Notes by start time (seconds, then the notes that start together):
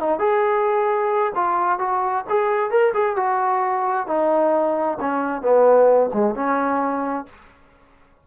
0.00 D#4
0.19 G#4
1.35 F4
1.80 F#4
2.29 G#4
2.71 A#4
2.94 G#4
3.17 F#4
4.07 D#4
5.00 C#4
5.42 B3
6.14 G#3
6.35 C#4